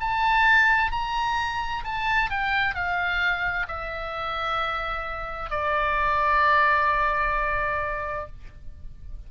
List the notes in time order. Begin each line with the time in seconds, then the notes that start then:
0.00 A5
0.91 A#5
1.84 A5
2.30 G5
2.74 F5
3.68 E5
5.50 D5